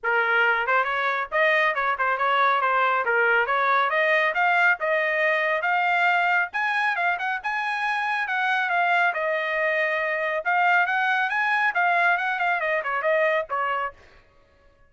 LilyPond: \new Staff \with { instrumentName = "trumpet" } { \time 4/4 \tempo 4 = 138 ais'4. c''8 cis''4 dis''4 | cis''8 c''8 cis''4 c''4 ais'4 | cis''4 dis''4 f''4 dis''4~ | dis''4 f''2 gis''4 |
f''8 fis''8 gis''2 fis''4 | f''4 dis''2. | f''4 fis''4 gis''4 f''4 | fis''8 f''8 dis''8 cis''8 dis''4 cis''4 | }